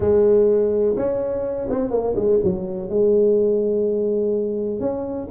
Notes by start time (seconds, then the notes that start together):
0.00 G#3
0.96 C#4
1.70 C4
1.90 A#3
2.15 G#3
2.43 F#3
2.89 G#3
4.80 C#4